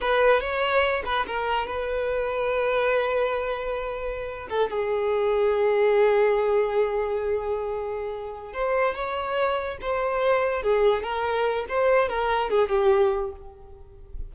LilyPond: \new Staff \with { instrumentName = "violin" } { \time 4/4 \tempo 4 = 144 b'4 cis''4. b'8 ais'4 | b'1~ | b'2~ b'8. a'8 gis'8.~ | gis'1~ |
gis'1~ | gis'8 c''4 cis''2 c''8~ | c''4. gis'4 ais'4. | c''4 ais'4 gis'8 g'4. | }